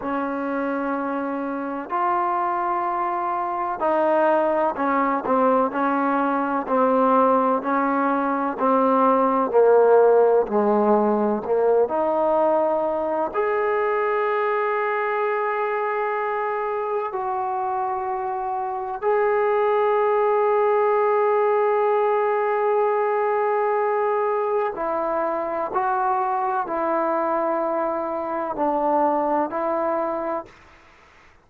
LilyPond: \new Staff \with { instrumentName = "trombone" } { \time 4/4 \tempo 4 = 63 cis'2 f'2 | dis'4 cis'8 c'8 cis'4 c'4 | cis'4 c'4 ais4 gis4 | ais8 dis'4. gis'2~ |
gis'2 fis'2 | gis'1~ | gis'2 e'4 fis'4 | e'2 d'4 e'4 | }